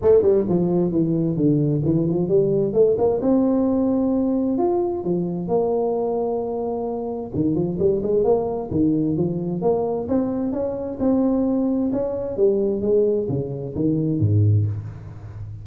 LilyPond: \new Staff \with { instrumentName = "tuba" } { \time 4/4 \tempo 4 = 131 a8 g8 f4 e4 d4 | e8 f8 g4 a8 ais8 c'4~ | c'2 f'4 f4 | ais1 |
dis8 f8 g8 gis8 ais4 dis4 | f4 ais4 c'4 cis'4 | c'2 cis'4 g4 | gis4 cis4 dis4 gis,4 | }